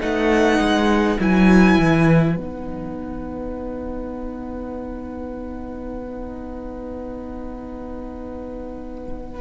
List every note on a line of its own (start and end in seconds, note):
0.00 0.59 A3
0.00 1.18 D#4
0.00 9.41 B4
0.00 1.19 F#5
0.59 1.18 G#3
1.20 1.78 F#3
1.20 2.36 E4
1.20 2.37 G#5
1.78 2.37 E3
2.36 9.41 B3
2.36 9.41 D#4
2.36 9.41 F#5